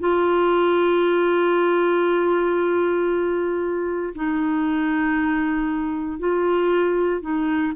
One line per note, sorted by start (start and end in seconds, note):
0.00 4.14 F4
4.15 6.19 D#4
6.19 7.21 F4
7.21 7.73 D#4